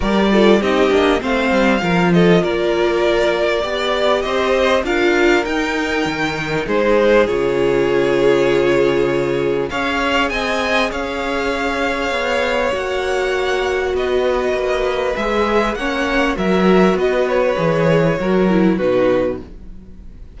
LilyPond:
<<
  \new Staff \with { instrumentName = "violin" } { \time 4/4 \tempo 4 = 99 d''4 dis''4 f''4. dis''8 | d''2. dis''4 | f''4 g''2 c''4 | cis''1 |
f''4 gis''4 f''2~ | f''4 fis''2 dis''4~ | dis''4 e''4 fis''4 e''4 | dis''8 cis''2~ cis''8 b'4 | }
  \new Staff \with { instrumentName = "violin" } { \time 4/4 ais'8 a'8 g'4 c''4 ais'8 a'8 | ais'2 d''4 c''4 | ais'2. gis'4~ | gis'1 |
cis''4 dis''4 cis''2~ | cis''2. b'4~ | b'2 cis''4 ais'4 | b'2 ais'4 fis'4 | }
  \new Staff \with { instrumentName = "viola" } { \time 4/4 g'8 f'8 dis'8 d'8 c'4 f'4~ | f'2 g'2 | f'4 dis'2. | f'1 |
gis'1~ | gis'4 fis'2.~ | fis'4 gis'4 cis'4 fis'4~ | fis'4 gis'4 fis'8 e'8 dis'4 | }
  \new Staff \with { instrumentName = "cello" } { \time 4/4 g4 c'8 ais8 a8 g8 f4 | ais2 b4 c'4 | d'4 dis'4 dis4 gis4 | cis1 |
cis'4 c'4 cis'2 | b4 ais2 b4 | ais4 gis4 ais4 fis4 | b4 e4 fis4 b,4 | }
>>